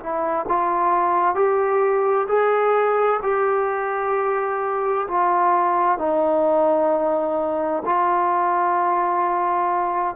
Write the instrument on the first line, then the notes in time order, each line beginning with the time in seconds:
trombone
0.00 E4
0.49 F4
1.35 G4
2.29 G#4
3.23 G4
5.08 F4
5.99 D#4
7.86 F4